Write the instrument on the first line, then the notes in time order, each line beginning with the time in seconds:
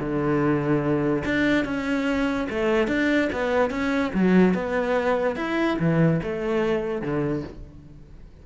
cello
0.00 D3
1.25 D4
1.65 C#4
2.50 A3
2.88 D4
3.33 B3
3.71 C#4
4.14 F#3
4.54 B3
5.36 E4
5.79 E3
6.23 A3
7.02 D3